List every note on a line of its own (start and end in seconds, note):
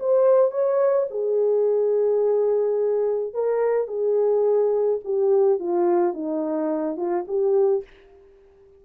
0.00 0.51 C5
0.51 1.08 C#5
1.11 3.34 G#4
3.34 3.88 A#4
3.88 5.00 G#4
5.05 5.60 G4
5.60 6.14 F4
6.14 6.97 D#4
6.97 7.25 F4
7.28 7.84 G4